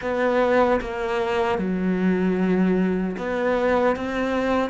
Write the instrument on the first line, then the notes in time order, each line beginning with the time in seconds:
cello
0.01 B3
0.80 A#3
1.58 F#3
3.17 B3
3.96 C4